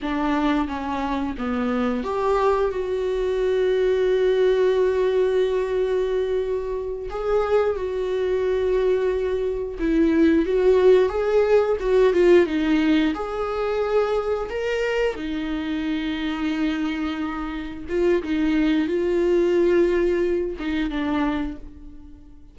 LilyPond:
\new Staff \with { instrumentName = "viola" } { \time 4/4 \tempo 4 = 89 d'4 cis'4 b4 g'4 | fis'1~ | fis'2~ fis'8 gis'4 fis'8~ | fis'2~ fis'8 e'4 fis'8~ |
fis'8 gis'4 fis'8 f'8 dis'4 gis'8~ | gis'4. ais'4 dis'4.~ | dis'2~ dis'8 f'8 dis'4 | f'2~ f'8 dis'8 d'4 | }